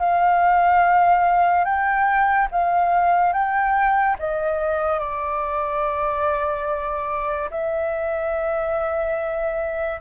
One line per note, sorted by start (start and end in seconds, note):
0.00 1.65 F5
1.65 2.48 G5
2.52 3.33 F5
3.33 4.17 G5
4.20 5.00 D#5
5.00 7.50 D5
7.51 10.01 E5